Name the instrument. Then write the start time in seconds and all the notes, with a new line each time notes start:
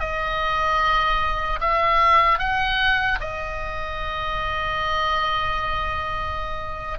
oboe
0.00 D#5
1.61 E5
2.39 F#5
3.21 D#5